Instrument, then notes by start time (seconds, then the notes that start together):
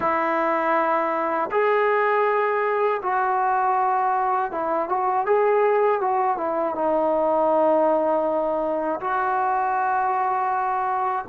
trombone
0.00 E4
1.51 G#4
3.02 F#4
4.51 E4
4.89 F#4
5.26 G#4
6.00 F#4
6.37 E4
6.75 D#4
9.00 F#4